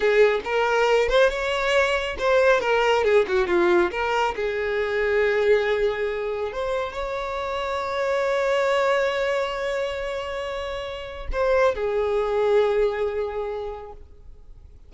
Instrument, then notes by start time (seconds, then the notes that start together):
violin
0.00 G#4
0.44 A#4
1.08 C5
1.29 C#5
2.18 C5
2.60 A#4
3.03 G#4
3.27 F#4
3.47 F4
3.91 A#4
4.35 G#4
6.52 C5
6.92 C#5
11.32 C5
11.75 G#4